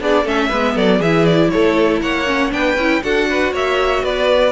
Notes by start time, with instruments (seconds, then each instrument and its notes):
0.00 cello B3, viola D4, violin G#4 D5
0.23 cello A3, viola C#4, violin A4 E5
0.48 cello G#3, viola B3, violin B4
0.74 cello F#3, violin A4 D5
0.98 cello E3, viola E4, violin G#4 E5
1.25 violin D5
1.49 cello A3, violin A4 C#5
2.01 cello A#3, violin C#5 F#5
2.26 viola C#4
2.49 cello B3, viola D4, violin B4 G5
2.76 cello C#4, viola E4
3.02 cello D4, viola F#4, violin A4 F#5
3.29 violin B4
3.52 cello A#3, violin C#5 E5
4.03 cello B3, violin B4 D5